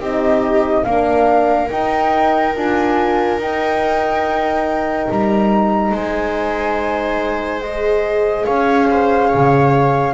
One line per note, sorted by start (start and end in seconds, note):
0.00 0.85 C4
0.00 0.86 D#4
0.00 0.85 G4
0.00 0.84 D#5
0.84 1.70 A#3
0.84 1.68 D4
0.84 5.92 A#4
0.84 1.68 F5
1.68 2.53 D#4
1.68 2.56 D#4
1.68 2.55 G5
2.55 3.38 D4
2.55 3.40 F4
2.55 3.40 G#5
3.38 5.07 D#4
3.38 7.63 D#4
3.38 5.10 G5
5.10 5.91 G3
5.10 5.95 A#5
5.91 8.45 G#3
5.91 8.45 C5
5.91 7.61 G#5
7.61 10.14 G#4
7.61 8.45 D#5
8.45 9.33 C#4
8.45 8.88 C#5
8.45 10.14 F5
8.90 9.28 C5
9.28 10.12 C#5
9.34 10.14 C#3